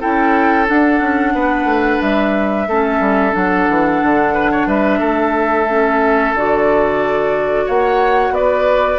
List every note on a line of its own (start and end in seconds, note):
0.00 0.69 C#4
0.00 0.66 E4
0.00 1.33 A4
0.00 0.67 G5
0.66 2.66 D4
0.66 1.00 D4
0.66 2.01 F#5
1.00 1.33 C#4
1.33 1.65 B3
1.33 2.68 B4
1.65 1.98 A3
2.01 2.67 G3
2.01 3.35 E5
2.67 3.00 A3
2.67 3.32 C#4
2.67 4.34 A4
3.00 3.33 G3
3.32 3.68 F#3
3.32 5.65 D4
3.32 4.68 F#5
3.68 4.02 E3
4.02 4.66 D3
4.34 4.50 B4
4.51 4.67 C#5
4.66 4.99 G3
4.66 4.99 B4
4.66 6.35 E5
4.99 6.34 A3
4.99 7.66 A4
5.68 6.35 C#4
6.34 7.67 D3
6.34 8.99 F#4
6.34 7.68 D5
7.66 8.30 A#3
7.66 8.32 C#5
7.66 8.34 F#5
8.30 8.97 B3
8.30 8.99 B4
8.30 8.99 D5